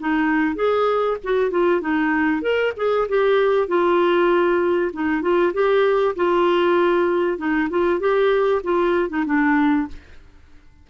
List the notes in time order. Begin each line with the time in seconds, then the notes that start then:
0.00 D#4
0.56 G#4
1.24 F#4
1.51 F4
1.82 D#4
2.42 A#4
2.77 G#4
3.09 G4
3.68 F4
4.93 D#4
5.22 F4
5.54 G4
6.16 F4
7.38 D#4
7.70 F4
8.00 G4
8.64 F4
9.10 D#4
9.26 D4